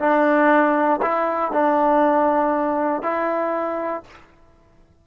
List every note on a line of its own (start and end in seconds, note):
0.00 1.01 D4
1.02 1.52 E4
1.52 3.03 D4
3.03 4.03 E4